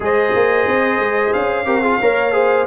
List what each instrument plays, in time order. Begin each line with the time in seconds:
0.00 tuba G#3, trombone G#4, horn C5, trumpet D#5
0.35 tuba A#3
0.67 tuba C4
0.99 tuba G#3
1.33 tuba C#4, trumpet F5
1.65 tuba C4, trombone G4, horn A#4
1.81 trombone F4, horn G#4
2.01 tuba A#3, trombone A#4, horn C#5
2.32 trombone G#4, horn C5